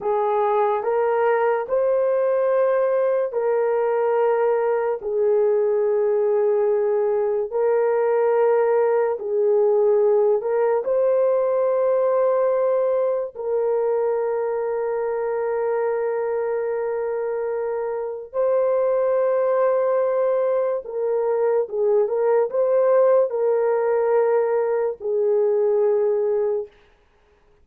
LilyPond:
\new Staff \with { instrumentName = "horn" } { \time 4/4 \tempo 4 = 72 gis'4 ais'4 c''2 | ais'2 gis'2~ | gis'4 ais'2 gis'4~ | gis'8 ais'8 c''2. |
ais'1~ | ais'2 c''2~ | c''4 ais'4 gis'8 ais'8 c''4 | ais'2 gis'2 | }